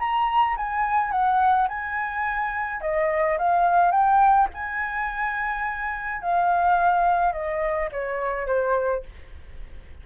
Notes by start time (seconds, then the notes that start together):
0.00 A#5
0.58 G#5
1.12 F#5
1.69 G#5
2.81 D#5
3.39 F5
3.92 G5
4.54 G#5
6.22 F5
7.33 D#5
7.92 C#5
8.47 C5